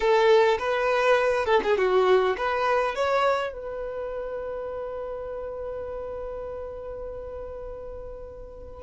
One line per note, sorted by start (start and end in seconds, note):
0.00 0.57 A4
0.59 1.45 B4
1.45 1.60 A4
1.63 1.77 G#4
1.77 2.36 F#4
2.37 2.95 B4
2.95 3.53 C#5
3.53 8.82 B4